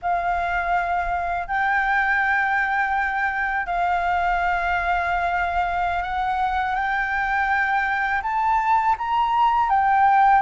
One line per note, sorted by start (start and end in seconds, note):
0.02 1.47 F5
1.47 3.66 G5
3.66 6.02 F5
6.02 6.75 F#5
6.75 8.21 G5
8.22 8.95 A5
8.98 9.69 A#5
9.69 10.42 G5